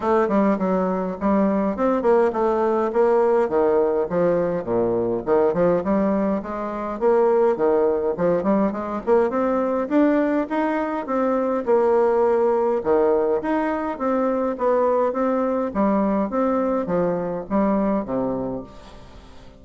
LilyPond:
\new Staff \with { instrumentName = "bassoon" } { \time 4/4 \tempo 4 = 103 a8 g8 fis4 g4 c'8 ais8 | a4 ais4 dis4 f4 | ais,4 dis8 f8 g4 gis4 | ais4 dis4 f8 g8 gis8 ais8 |
c'4 d'4 dis'4 c'4 | ais2 dis4 dis'4 | c'4 b4 c'4 g4 | c'4 f4 g4 c4 | }